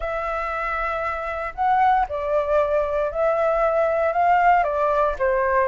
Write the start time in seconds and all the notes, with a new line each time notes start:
0.00 E5
1.54 F#5
2.08 D5
3.11 E5
4.12 F5
4.63 D5
5.18 C5